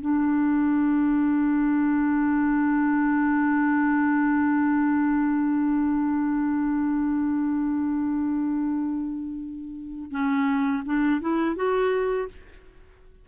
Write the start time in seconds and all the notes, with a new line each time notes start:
0.00 D4
10.10 C#4
10.85 D4
11.20 E4
11.55 F#4